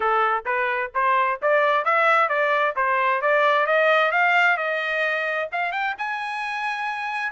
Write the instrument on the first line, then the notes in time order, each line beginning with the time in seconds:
trumpet
0.00 A4
0.45 B4
0.94 C5
1.42 D5
1.84 E5
2.28 D5
2.76 C5
3.21 D5
3.66 D#5
4.11 F5
4.57 D#5
5.51 F5
5.71 G5
5.98 G#5